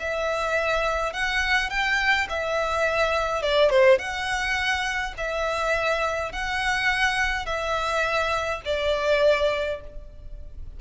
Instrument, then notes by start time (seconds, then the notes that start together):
violin
0.00 E5
1.13 F#5
1.70 G5
2.30 E5
3.42 D5
3.70 C5
3.99 F#5
5.18 E5
6.33 F#5
7.46 E5
8.65 D5